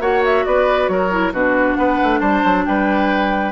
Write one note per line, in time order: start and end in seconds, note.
0.00 0.44 A#3
0.00 1.11 F#4
0.00 0.45 C#5
0.00 0.24 F#5
0.25 0.45 E5
0.45 0.88 B3
0.45 0.91 B4
0.45 0.88 D5
0.88 1.32 F#3
0.88 1.33 A#4
0.88 1.32 C#5
1.11 1.33 E4
1.32 1.76 B2
1.32 3.52 D4
1.32 1.77 F#4
1.32 1.75 B4
1.75 2.00 B3
1.75 2.20 B4
1.75 2.19 F#5
2.03 2.21 A3
2.19 2.43 G3
2.19 2.64 C5
2.19 2.63 A5
2.44 2.66 F#3
2.65 3.52 G3
2.65 3.52 B4
2.65 3.52 G5